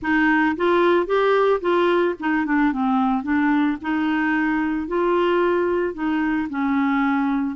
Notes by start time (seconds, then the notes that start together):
0.01 D#4
0.56 F4
1.06 G4
1.60 F4
2.19 D#4
2.45 D4
2.72 C4
3.23 D4
3.81 D#4
4.87 F4
5.94 D#4
6.49 C#4